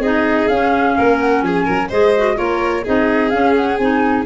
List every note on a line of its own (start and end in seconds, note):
0.00 0.47 C4
0.00 0.51 D#4
0.00 0.96 G#4
0.00 0.48 D#5
0.48 0.97 C#4
0.48 1.91 C#4
0.48 1.19 F5
0.98 1.43 A#3
0.98 1.45 A#4
1.20 1.43 F#5
1.43 1.66 F3
1.43 1.65 G#4
1.43 1.90 G#5
1.65 1.92 F#3
1.65 1.89 A#4
1.89 2.39 G#3
1.89 2.15 G#4
1.89 2.36 C5
1.89 2.38 D#5
2.17 2.36 F#4
2.36 2.86 A#3
2.36 2.84 F4
2.36 2.84 A#4
2.36 2.85 C#5
2.84 3.34 C4
2.84 3.32 D#4
2.84 4.26 G#4
2.84 3.31 D#5
3.31 3.79 C#4
3.31 3.54 F5
3.57 3.78 F#5
3.78 4.26 C4
3.78 4.26 D#4
3.78 4.25 G#5